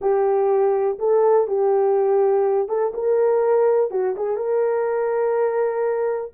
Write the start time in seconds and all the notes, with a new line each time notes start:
0.01 G4
0.99 A4
1.47 G4
2.68 A4
2.94 A#4
3.90 F#4
4.16 G#4
4.36 A#4